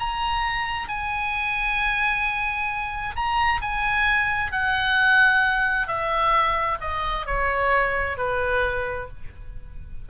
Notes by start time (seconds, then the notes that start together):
0.00 A#5
0.89 G#5
3.16 A#5
3.62 G#5
4.52 F#5
5.88 E5
6.81 D#5
7.27 C#5
8.18 B4